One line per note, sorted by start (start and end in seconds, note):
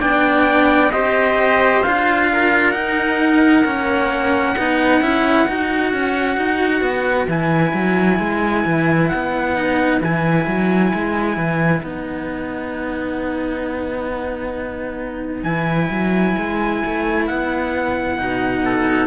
0.00 0.93 B3
0.00 0.91 D4
0.00 0.92 D5
0.00 0.92 G5
0.92 1.84 C4
0.92 1.84 G4
0.92 2.30 C5
0.92 1.83 D#5
1.83 2.76 D4
1.83 2.74 F4
1.83 2.71 F5
2.33 4.59 A#4
2.71 3.65 D#4
2.71 3.66 D#4
2.71 7.26 F#5
3.65 4.56 A#3
3.65 4.56 C#4
4.57 5.01 B3
4.57 5.02 D#4
4.57 18.65 B4
5.01 5.46 C#4
5.01 5.47 E4
5.47 5.93 D#4
5.47 7.29 F#4
5.93 6.37 C#4
6.37 6.82 D#4
6.82 7.27 B3
7.28 7.73 E3
7.28 9.55 E4
7.28 9.09 G#5
7.74 8.19 F#3
8.20 8.65 G#3
8.66 9.11 E3
9.09 10.01 B3
9.09 9.99 F#5
9.55 10.01 D#4
10.01 10.47 E3
10.01 11.85 E4
10.01 11.84 G#5
10.48 10.93 F#3
10.94 11.37 G#3
11.37 11.82 E3
11.84 15.44 B3
11.84 15.46 D#4
11.84 15.44 F#5
15.44 15.89 E3
15.44 18.19 E4
15.44 17.25 G#5
15.91 16.37 F#3
16.38 16.84 G#3
16.86 17.30 A3
17.28 18.20 B3
17.28 19.07 F#5
18.19 19.07 B2
18.19 19.07 D#4
18.65 19.07 A4